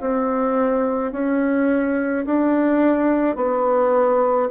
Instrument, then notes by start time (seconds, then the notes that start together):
bassoon
0.00 C4
1.12 C#4
2.25 D4
3.36 B3